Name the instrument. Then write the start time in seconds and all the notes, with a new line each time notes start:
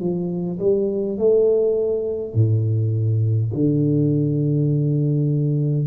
tuba
0.00 F3
0.59 G3
1.18 A3
2.34 A2
3.53 D3